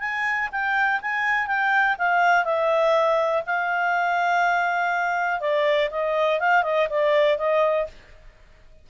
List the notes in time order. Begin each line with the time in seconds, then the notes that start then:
0.00 G#5
0.52 G5
1.01 G#5
1.47 G5
1.99 F5
2.45 E5
3.46 F5
5.40 D5
5.91 D#5
6.40 F5
6.63 D#5
6.89 D5
7.38 D#5